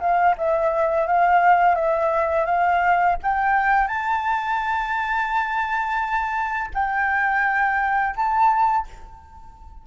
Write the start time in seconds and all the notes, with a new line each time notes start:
0.00 F5
0.38 E5
1.07 F5
1.76 E5
2.45 F5
3.23 G5
3.88 A5
6.74 G5
8.16 A5